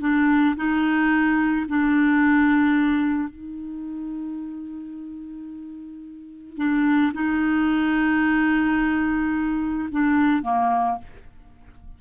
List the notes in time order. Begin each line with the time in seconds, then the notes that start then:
0.00 D4
0.56 D#4
1.68 D4
3.29 D#4
6.57 D4
7.14 D#4
9.91 D4
10.43 A#3